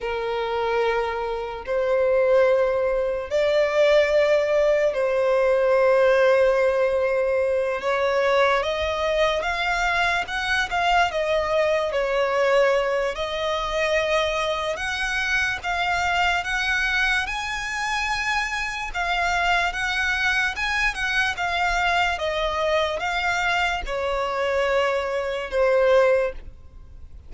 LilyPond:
\new Staff \with { instrumentName = "violin" } { \time 4/4 \tempo 4 = 73 ais'2 c''2 | d''2 c''2~ | c''4. cis''4 dis''4 f''8~ | f''8 fis''8 f''8 dis''4 cis''4. |
dis''2 fis''4 f''4 | fis''4 gis''2 f''4 | fis''4 gis''8 fis''8 f''4 dis''4 | f''4 cis''2 c''4 | }